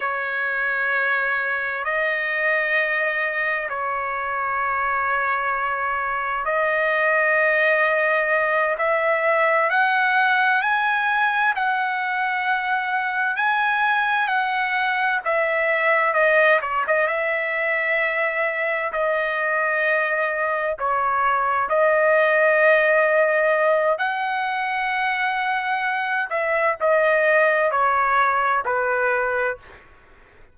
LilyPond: \new Staff \with { instrumentName = "trumpet" } { \time 4/4 \tempo 4 = 65 cis''2 dis''2 | cis''2. dis''4~ | dis''4. e''4 fis''4 gis''8~ | gis''8 fis''2 gis''4 fis''8~ |
fis''8 e''4 dis''8 cis''16 dis''16 e''4.~ | e''8 dis''2 cis''4 dis''8~ | dis''2 fis''2~ | fis''8 e''8 dis''4 cis''4 b'4 | }